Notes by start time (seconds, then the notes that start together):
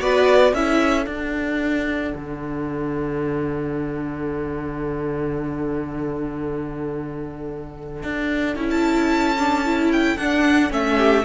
0.00 B3 F#4 B4 D5
0.53 C#4 E4 A4 E5
1.06 D4 F#5
2.15 D3
8.03 D4
8.56 C#4 E4
8.70 A5
9.38 D4
9.64 E4
9.92 G5
10.16 D4 F#5
10.70 A3 C#4 E5
10.97 G4